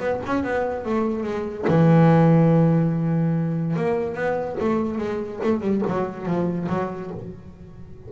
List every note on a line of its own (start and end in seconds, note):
0.00 0.21 B3
0.26 0.44 C#4
0.44 0.85 B3
0.85 1.24 A3
1.24 1.65 G#3
1.68 3.76 E3
3.76 4.15 A#3
4.15 4.56 B3
4.60 4.98 A3
4.98 5.40 G#3
5.44 5.61 A3
5.61 5.82 G3
5.87 6.26 F#3
6.26 6.68 F3
6.69 7.11 F#3